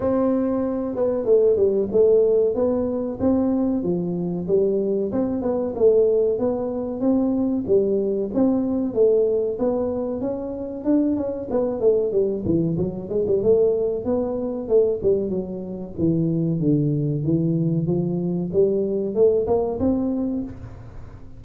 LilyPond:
\new Staff \with { instrumentName = "tuba" } { \time 4/4 \tempo 4 = 94 c'4. b8 a8 g8 a4 | b4 c'4 f4 g4 | c'8 b8 a4 b4 c'4 | g4 c'4 a4 b4 |
cis'4 d'8 cis'8 b8 a8 g8 e8 | fis8 gis16 g16 a4 b4 a8 g8 | fis4 e4 d4 e4 | f4 g4 a8 ais8 c'4 | }